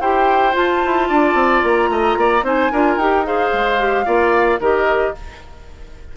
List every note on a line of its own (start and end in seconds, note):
0.00 0.54 E4
0.00 0.52 G4
0.00 1.08 C5
0.00 0.54 G5
0.52 2.41 F4
0.52 0.83 F4
0.52 1.64 A5
0.85 1.10 E4
1.08 1.34 D4
1.08 1.90 D5
1.34 1.61 C4
1.63 1.89 A#3
1.63 2.45 A#5
1.89 2.16 A3
1.89 2.18 D#5
2.17 2.43 A#3
2.17 2.44 D5
2.43 2.70 C4
2.43 2.71 D#4
2.43 2.72 C5
2.43 2.98 G#5
2.72 2.96 D4
2.72 3.00 F4
2.72 3.26 A#4
2.96 3.50 D#4
2.96 3.25 G4
2.96 3.25 G5
3.25 3.79 G#4
3.25 4.05 C5
3.25 4.61 F5
3.53 4.07 G#3
3.79 4.05 G4
4.05 4.59 A#3
4.05 4.59 F4
4.05 4.59 D5
4.59 5.13 D#3
4.59 5.15 G4
4.59 5.14 A#4
4.59 5.16 D#5